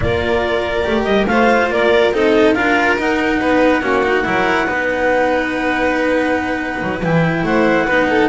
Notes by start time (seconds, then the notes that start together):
0.00 A#3 F4 A#4 D5
0.84 A3 G4
1.04 G3 D#5
1.26 A3 F4 C5 F5
1.69 A#3 A#4 D5
2.12 C4 D#4 A4 D#5
2.54 D4 F4 A#4 F5
2.98 D#4 F#5
3.40 B3 B4
3.82 A#3 C#4 F#4
4.03 D#4
4.24 F#3 E4 A#4
4.66 B3 D#4 B4
6.82 F#3
7.02 E3 E4 G5
7.43 A3 C5 F#5
7.85 B3 D#4 B4
8.09 A4